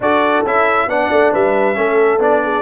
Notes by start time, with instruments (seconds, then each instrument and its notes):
0.00 tuba D4, trombone F#4, horn A4, trumpet D5
0.44 tuba C#4, trombone E4, trumpet E5
0.86 tuba B3, trombone D4, horn D5, trumpet F#5
1.10 tuba A3
1.32 tuba G3, horn B4, trumpet E5
1.74 tuba A3, trombone C#4, horn A4
2.19 tuba B3, trombone D4, trumpet D5
2.43 horn G#4